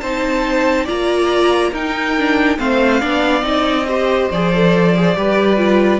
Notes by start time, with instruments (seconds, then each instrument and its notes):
0.00 cello C4, viola D#4, violin C5 A5
0.84 cello A#3, viola F4, violin D5 A#5
1.71 cello D#4, viola D#4, violin A#4 G5
2.18 viola D4
2.57 cello A3, viola C4, violin C5 F5
3.00 cello B3, viola D4, violin D5
3.41 cello C4, viola D#4, violin D#5
3.88 viola G4, violin C5
4.31 cello F3, viola G#4, violin D5
4.53 viola A4
4.94 viola G#4
5.15 cello G3, viola G4, violin B4
5.56 viola F4